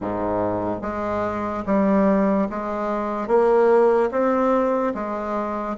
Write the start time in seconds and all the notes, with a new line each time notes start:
0.00 G#2
0.81 G#3
1.66 G3
2.50 G#3
3.27 A#3
4.11 C4
4.94 G#3